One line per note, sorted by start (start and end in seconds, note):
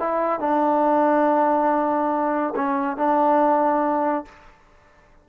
0.00 0.40 E4
0.40 2.55 D4
2.56 2.97 C#4
2.97 4.26 D4